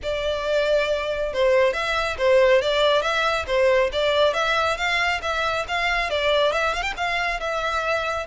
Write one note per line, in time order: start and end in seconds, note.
0.02 1.33 D5
1.33 1.73 C5
1.73 2.16 E5
2.18 2.61 C5
2.61 3.02 D5
3.02 3.45 E5
3.46 3.90 C5
3.92 4.33 D5
4.33 4.77 E5
4.77 5.20 F5
5.22 5.65 E5
5.68 6.10 F5
6.10 6.52 D5
6.52 6.74 E5
6.74 6.82 F5
6.82 6.93 G5
6.96 7.40 F5
7.40 8.26 E5